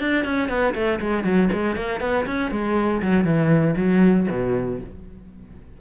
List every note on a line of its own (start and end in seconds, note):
0.00 0.25 D4
0.25 0.49 C#4
0.49 0.74 B3
0.74 0.99 A3
1.00 1.24 G#3
1.24 1.49 F#3
1.52 1.76 G#3
1.76 2.00 A#3
2.00 2.26 B3
2.26 2.51 C#4
2.51 3.01 G#3
3.02 3.24 F#3
3.24 3.74 E3
3.76 4.27 F#3
4.30 4.80 B2